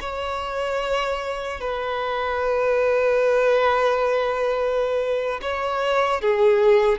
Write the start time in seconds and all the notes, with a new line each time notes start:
0.00 C#5
1.60 B4
5.41 C#5
6.21 G#4